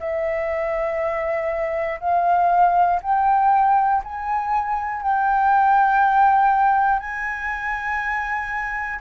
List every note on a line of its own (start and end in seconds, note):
0.00 2.00 E5
2.00 3.00 F5
3.03 4.03 G5
4.05 5.03 G#5
5.03 7.00 G5
7.00 9.00 G#5